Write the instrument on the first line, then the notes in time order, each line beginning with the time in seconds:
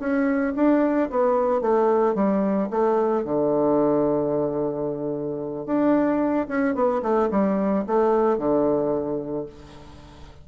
bassoon
0.00 C#4
0.56 D4
1.10 B3
1.61 A3
2.15 G3
2.71 A3
3.25 D3
5.66 D4
6.48 C#4
6.75 B3
7.03 A3
7.31 G3
7.87 A3
8.38 D3